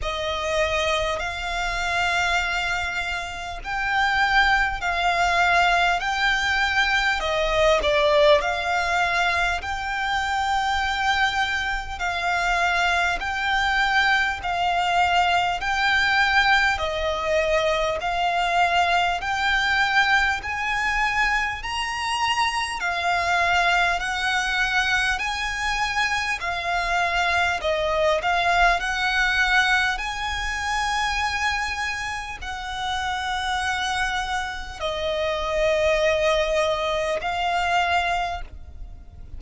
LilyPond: \new Staff \with { instrumentName = "violin" } { \time 4/4 \tempo 4 = 50 dis''4 f''2 g''4 | f''4 g''4 dis''8 d''8 f''4 | g''2 f''4 g''4 | f''4 g''4 dis''4 f''4 |
g''4 gis''4 ais''4 f''4 | fis''4 gis''4 f''4 dis''8 f''8 | fis''4 gis''2 fis''4~ | fis''4 dis''2 f''4 | }